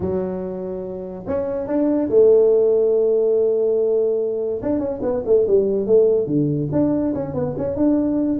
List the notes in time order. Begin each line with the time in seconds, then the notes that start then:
0.00 F#3
1.27 C#4
1.67 D4
2.09 A3
4.62 D4
4.79 C#4
5.02 B3
5.25 A3
5.47 G3
5.86 A3
6.26 D3
6.72 D4
7.14 C#4
7.34 B3
7.57 C#4
7.76 D4